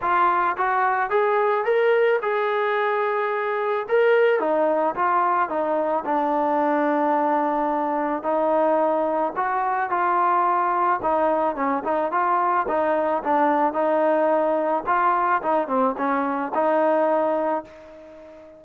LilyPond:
\new Staff \with { instrumentName = "trombone" } { \time 4/4 \tempo 4 = 109 f'4 fis'4 gis'4 ais'4 | gis'2. ais'4 | dis'4 f'4 dis'4 d'4~ | d'2. dis'4~ |
dis'4 fis'4 f'2 | dis'4 cis'8 dis'8 f'4 dis'4 | d'4 dis'2 f'4 | dis'8 c'8 cis'4 dis'2 | }